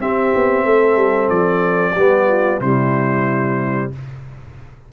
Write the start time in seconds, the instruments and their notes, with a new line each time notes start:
0.00 tuba C4, trombone C4, horn G4, trumpet E5
0.35 tuba B3
0.65 tuba A3, horn A4
0.96 tuba G3
1.30 tuba F3, trumpet D5
1.92 tuba G3, trombone B3, horn G4
2.28 horn F4
2.60 tuba C3, trombone G3, horn E4, trumpet C5